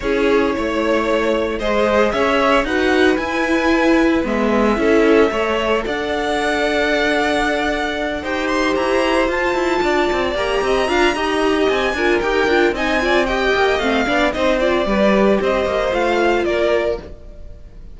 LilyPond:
<<
  \new Staff \with { instrumentName = "violin" } { \time 4/4 \tempo 4 = 113 cis''2. dis''4 | e''4 fis''4 gis''2 | e''2. fis''4~ | fis''2.~ fis''8 g''8 |
c'''8 ais''4 a''2 ais''8~ | ais''2 gis''4 g''4 | gis''4 g''4 f''4 dis''8 d''8~ | d''4 dis''4 f''4 d''4 | }
  \new Staff \with { instrumentName = "violin" } { \time 4/4 gis'4 cis''2 c''4 | cis''4 b'2.~ | b'4 a'4 cis''4 d''4~ | d''2.~ d''8 c''8~ |
c''2~ c''8 d''4. | dis''8 f''8 dis''4. ais'4. | dis''8 d''8 dis''4. d''8 c''4 | b'4 c''2 ais'4 | }
  \new Staff \with { instrumentName = "viola" } { \time 4/4 e'2. gis'4~ | gis'4 fis'4 e'2 | b4 e'4 a'2~ | a'2.~ a'8 g'8~ |
g'4. f'2 g'8~ | g'8 f'8 g'4. f'8 g'8 f'8 | dis'8 f'8 g'4 c'8 d'8 dis'8 f'8 | g'2 f'2 | }
  \new Staff \with { instrumentName = "cello" } { \time 4/4 cis'4 a2 gis4 | cis'4 dis'4 e'2 | gis4 cis'4 a4 d'4~ | d'2.~ d'8 dis'8~ |
dis'8 e'4 f'8 e'8 d'8 c'8 ais8 | c'8 d'8 dis'4 c'8 d'8 dis'8 d'8 | c'4. ais8 a8 b8 c'4 | g4 c'8 ais8 a4 ais4 | }
>>